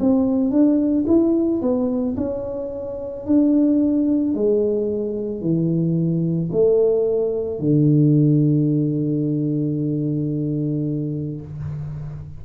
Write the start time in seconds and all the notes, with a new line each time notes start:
0.00 C4
0.51 D4
1.07 E4
1.62 B3
2.17 C#4
3.26 D4
4.34 G#3
5.41 E3
6.53 A3
7.60 D3